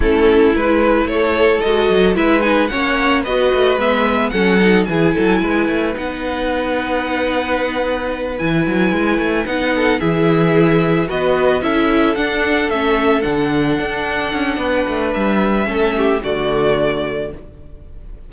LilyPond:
<<
  \new Staff \with { instrumentName = "violin" } { \time 4/4 \tempo 4 = 111 a'4 b'4 cis''4 dis''4 | e''8 gis''8 fis''4 dis''4 e''4 | fis''4 gis''2 fis''4~ | fis''2.~ fis''8 gis''8~ |
gis''4. fis''4 e''4.~ | e''8 dis''4 e''4 fis''4 e''8~ | e''8 fis''2.~ fis''8 | e''2 d''2 | }
  \new Staff \with { instrumentName = "violin" } { \time 4/4 e'2 a'2 | b'4 cis''4 b'2 | a'4 gis'8 a'8 b'2~ | b'1~ |
b'2 a'8 gis'4.~ | gis'8 b'4 a'2~ a'8~ | a'2. b'4~ | b'4 a'8 g'8 fis'2 | }
  \new Staff \with { instrumentName = "viola" } { \time 4/4 cis'4 e'2 fis'4 | e'8 dis'8 cis'4 fis'4 b4 | cis'8 dis'8 e'2 dis'4~ | dis'2.~ dis'8 e'8~ |
e'4. dis'4 e'4.~ | e'8 fis'4 e'4 d'4 cis'8~ | cis'8 d'2.~ d'8~ | d'4 cis'4 a2 | }
  \new Staff \with { instrumentName = "cello" } { \time 4/4 a4 gis4 a4 gis8 fis8 | gis4 ais4 b8 a8 gis4 | fis4 e8 fis8 gis8 a8 b4~ | b2.~ b8 e8 |
fis8 gis8 a8 b4 e4.~ | e8 b4 cis'4 d'4 a8~ | a8 d4 d'4 cis'8 b8 a8 | g4 a4 d2 | }
>>